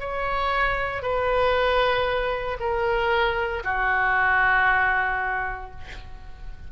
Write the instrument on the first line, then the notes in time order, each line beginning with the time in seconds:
oboe
0.00 C#5
1.03 B4
2.60 A#4
3.64 F#4